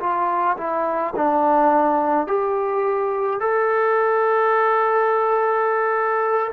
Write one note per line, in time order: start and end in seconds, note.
0.00 0.57 F4
0.58 1.14 E4
1.16 2.27 D4
2.27 3.40 G4
3.40 6.51 A4